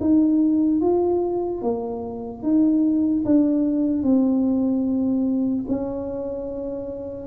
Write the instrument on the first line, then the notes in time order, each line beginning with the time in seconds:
tuba
0.00 D#4
0.81 F4
1.61 A#3
2.42 D#4
3.25 D4
4.02 C4
5.68 C#4